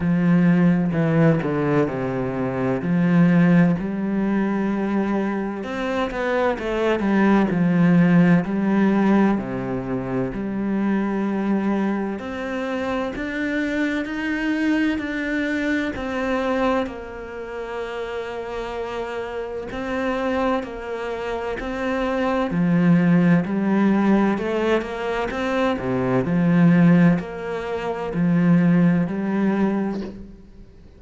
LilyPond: \new Staff \with { instrumentName = "cello" } { \time 4/4 \tempo 4 = 64 f4 e8 d8 c4 f4 | g2 c'8 b8 a8 g8 | f4 g4 c4 g4~ | g4 c'4 d'4 dis'4 |
d'4 c'4 ais2~ | ais4 c'4 ais4 c'4 | f4 g4 a8 ais8 c'8 c8 | f4 ais4 f4 g4 | }